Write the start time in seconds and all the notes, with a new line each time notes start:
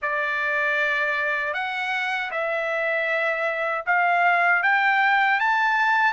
0.01 D5
1.53 F#5
2.31 E5
3.85 F5
4.63 G5
5.40 A5